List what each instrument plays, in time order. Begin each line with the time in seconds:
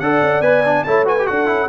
0.00 tuba D4, trombone A4, horn D5, trumpet F#5
0.22 tuba C#4
0.41 tuba B3, trombone B4, trumpet G#5
0.65 trombone D4
0.84 tuba A3, trombone E4, horn C#5, trumpet A5
1.06 trombone F#4, horn B4, trumpet G#5
1.19 trombone G4
1.27 tuba D4, trombone F#4, horn A4, trumpet F#5
1.46 tuba C#4, trombone E4